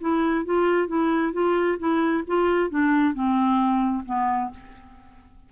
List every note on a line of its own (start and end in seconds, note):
0.00 0.45 E4
0.45 0.87 F4
0.87 1.32 E4
1.33 1.78 F4
1.78 2.24 E4
2.27 2.70 F4
2.70 3.14 D4
3.14 4.04 C4
4.05 4.50 B3